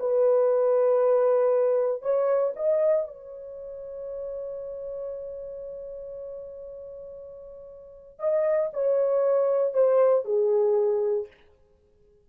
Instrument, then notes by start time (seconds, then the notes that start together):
horn
0.00 B4
2.03 C#5
2.57 D#5
3.08 C#5
8.20 D#5
8.74 C#5
9.74 C5
10.25 G#4